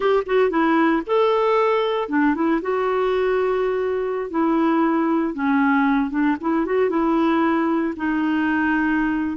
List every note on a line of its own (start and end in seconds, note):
0.00 0.23 G4
0.26 0.50 F#4
0.50 1.02 E4
1.06 2.09 A4
2.09 2.34 D4
2.34 2.60 E4
2.61 4.30 F#4
4.30 5.34 E4
5.34 6.10 C#4
6.10 6.36 D4
6.41 6.65 E4
6.65 6.89 F#4
6.89 7.94 E4
7.96 9.37 D#4